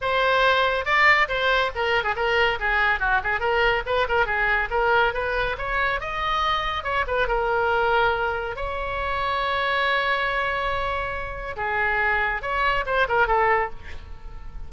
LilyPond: \new Staff \with { instrumentName = "oboe" } { \time 4/4 \tempo 4 = 140 c''2 d''4 c''4 | ais'8. gis'16 ais'4 gis'4 fis'8 gis'8 | ais'4 b'8 ais'8 gis'4 ais'4 | b'4 cis''4 dis''2 |
cis''8 b'8 ais'2. | cis''1~ | cis''2. gis'4~ | gis'4 cis''4 c''8 ais'8 a'4 | }